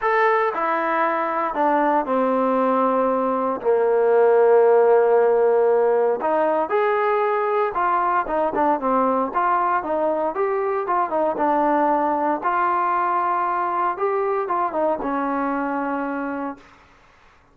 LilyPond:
\new Staff \with { instrumentName = "trombone" } { \time 4/4 \tempo 4 = 116 a'4 e'2 d'4 | c'2. ais4~ | ais1 | dis'4 gis'2 f'4 |
dis'8 d'8 c'4 f'4 dis'4 | g'4 f'8 dis'8 d'2 | f'2. g'4 | f'8 dis'8 cis'2. | }